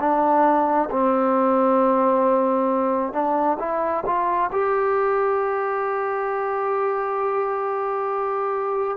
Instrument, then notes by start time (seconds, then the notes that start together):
trombone
0.00 D4
0.91 C4
3.13 D4
3.59 E4
4.06 F4
4.52 G4